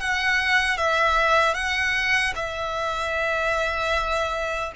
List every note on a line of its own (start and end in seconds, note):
0.00 0.77 F#5
0.77 1.54 E5
1.54 2.33 F#5
2.35 4.72 E5